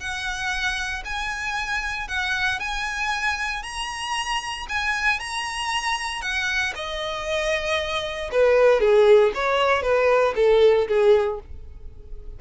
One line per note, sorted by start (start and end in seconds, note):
0.00 1.03 F#5
1.05 2.08 G#5
2.08 2.60 F#5
2.60 3.63 G#5
3.63 4.66 A#5
4.69 5.20 G#5
5.20 6.21 A#5
6.21 6.73 F#5
6.75 8.30 D#5
8.32 8.80 B4
8.80 9.32 G#4
9.34 9.83 C#5
9.83 10.34 B4
10.36 10.88 A4
10.88 11.40 G#4